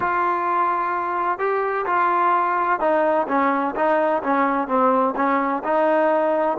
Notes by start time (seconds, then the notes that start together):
0.00 F4
1.38 G4
1.86 F4
2.80 D#4
3.27 C#4
3.75 D#4
4.23 C#4
4.67 C4
5.16 C#4
5.64 D#4